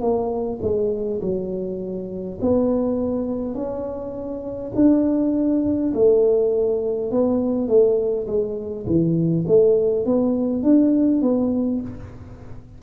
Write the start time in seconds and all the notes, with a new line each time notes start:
0.00 A#3
0.61 G#3
1.21 F#3
2.41 B3
3.54 C#4
4.75 D4
5.94 A3
7.11 B3
7.68 A3
8.27 G#3
8.86 E3
9.47 A3
10.05 B3
10.63 D4
11.21 B3